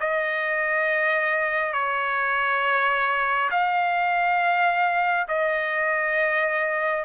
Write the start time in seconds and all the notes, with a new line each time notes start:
0.00 D#5
1.73 C#5
3.51 F5
5.28 D#5